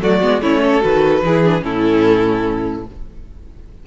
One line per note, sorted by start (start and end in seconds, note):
0.00 0.22 F#3
0.00 0.20 A3
0.00 0.42 F#4
0.00 0.42 D5
0.21 0.41 G#3
0.21 0.41 B3
0.41 0.82 A3
0.41 0.81 C#4
0.41 0.61 E4
0.41 0.82 C#5
0.61 1.22 A4
0.81 1.22 D#3
0.81 1.22 F#4
0.81 1.63 B4
1.22 1.63 E3
1.22 1.44 E4
1.22 1.64 G#4
1.44 1.61 D4
1.61 2.85 A2
1.61 2.84 C#4
1.61 2.86 E4
1.61 2.86 A4